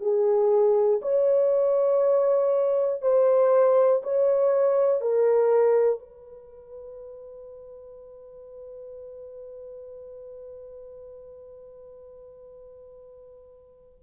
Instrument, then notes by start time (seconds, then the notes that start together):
horn
0.00 G#4
1.02 C#5
3.02 C5
4.03 C#5
5.01 A#4
5.99 B4